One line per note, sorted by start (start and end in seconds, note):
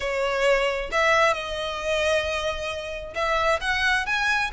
0.00 0.90 C#5
0.91 1.33 E5
1.33 3.14 D#5
3.14 3.59 E5
3.60 4.05 F#5
4.05 4.51 G#5